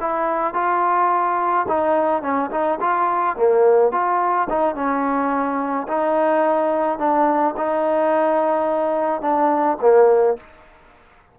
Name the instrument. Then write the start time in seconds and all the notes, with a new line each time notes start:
trombone
0.00 E4
0.54 F4
1.68 D#4
2.22 C#4
2.51 D#4
2.80 F4
3.36 A#3
3.92 F4
4.49 D#4
4.75 C#4
5.88 D#4
6.98 D4
7.57 D#4
9.21 D4
9.81 A#3